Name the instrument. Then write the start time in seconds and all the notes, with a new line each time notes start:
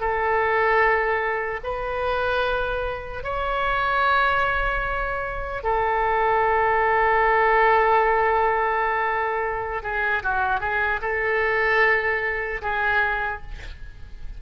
oboe
0.00 A4
1.63 B4
3.23 C#5
5.64 A4
9.83 G#4
10.23 F#4
10.60 G#4
11.01 A4
12.62 G#4